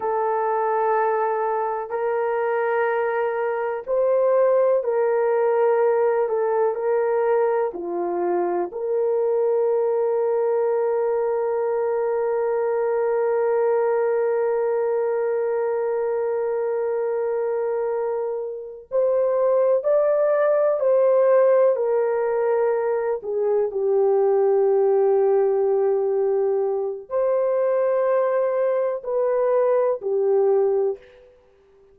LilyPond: \new Staff \with { instrumentName = "horn" } { \time 4/4 \tempo 4 = 62 a'2 ais'2 | c''4 ais'4. a'8 ais'4 | f'4 ais'2.~ | ais'1~ |
ais'2.~ ais'8 c''8~ | c''8 d''4 c''4 ais'4. | gis'8 g'2.~ g'8 | c''2 b'4 g'4 | }